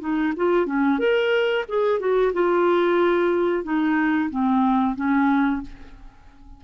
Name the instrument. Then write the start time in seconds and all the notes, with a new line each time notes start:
clarinet
0.00 D#4
0.36 F4
0.66 C#4
0.99 A#4
1.68 G#4
2.00 F#4
2.33 F4
3.64 D#4
4.30 C4
4.96 C#4